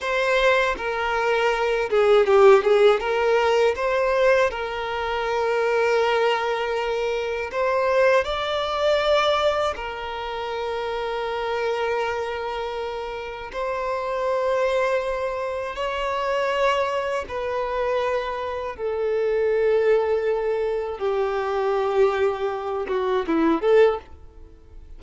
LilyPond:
\new Staff \with { instrumentName = "violin" } { \time 4/4 \tempo 4 = 80 c''4 ais'4. gis'8 g'8 gis'8 | ais'4 c''4 ais'2~ | ais'2 c''4 d''4~ | d''4 ais'2.~ |
ais'2 c''2~ | c''4 cis''2 b'4~ | b'4 a'2. | g'2~ g'8 fis'8 e'8 a'8 | }